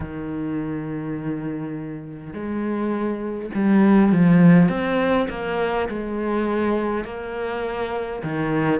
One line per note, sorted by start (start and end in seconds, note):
0.00 2.33 D#3
2.33 3.50 G#3
3.54 4.12 G3
4.12 4.68 F3
4.68 5.27 C4
5.29 5.88 A#3
5.88 7.04 G#3
7.04 8.22 A#3
8.23 8.80 D#3